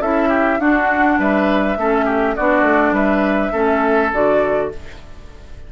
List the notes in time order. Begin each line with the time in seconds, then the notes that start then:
0.00 C#4 E4 A4 E5
0.28 G4
0.59 D4 F#4 F#5
1.18 G3 B4 E5
1.77 A3 C#4 A4
2.05 G4
2.35 B3 D4 F#4 D5
2.62 A3
2.91 G3 B4 E5
3.52 A3 C#4 A4
4.13 D3 F#4 D5